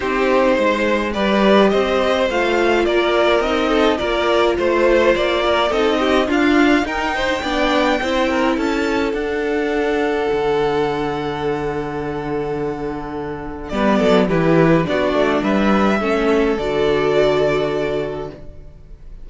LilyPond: <<
  \new Staff \with { instrumentName = "violin" } { \time 4/4 \tempo 4 = 105 c''2 d''4 dis''4 | f''4 d''4 dis''4 d''4 | c''4 d''4 dis''4 f''4 | g''2. a''4 |
fis''1~ | fis''1 | d''4 b'4 d''4 e''4~ | e''4 d''2. | }
  \new Staff \with { instrumentName = "violin" } { \time 4/4 g'4 c''4 b'4 c''4~ | c''4 ais'4. a'8 ais'4 | c''4. ais'8 a'8 g'8 f'4 | ais'8 c''8 d''4 c''8 ais'8 a'4~ |
a'1~ | a'1 | b'8 a'8 g'4 fis'4 b'4 | a'1 | }
  \new Staff \with { instrumentName = "viola" } { \time 4/4 dis'2 g'2 | f'2 dis'4 f'4~ | f'2 dis'4 d'4 | dis'4 d'4 e'2 |
d'1~ | d'1 | b4 e'4 d'2 | cis'4 fis'2. | }
  \new Staff \with { instrumentName = "cello" } { \time 4/4 c'4 gis4 g4 c'4 | a4 ais4 c'4 ais4 | a4 ais4 c'4 d'4 | dis'4 b4 c'4 cis'4 |
d'2 d2~ | d1 | g8 fis8 e4 b8 a8 g4 | a4 d2. | }
>>